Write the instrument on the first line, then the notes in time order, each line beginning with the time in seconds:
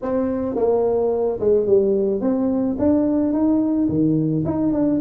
tuba
0.02 C4
0.55 A#3
1.39 G#3
1.66 G3
2.20 C4
2.79 D4
3.33 D#4
3.88 D#3
4.45 D#4
4.72 D4